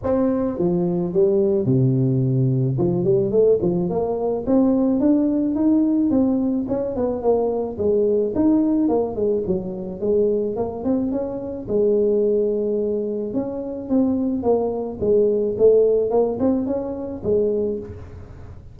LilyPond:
\new Staff \with { instrumentName = "tuba" } { \time 4/4 \tempo 4 = 108 c'4 f4 g4 c4~ | c4 f8 g8 a8 f8 ais4 | c'4 d'4 dis'4 c'4 | cis'8 b8 ais4 gis4 dis'4 |
ais8 gis8 fis4 gis4 ais8 c'8 | cis'4 gis2. | cis'4 c'4 ais4 gis4 | a4 ais8 c'8 cis'4 gis4 | }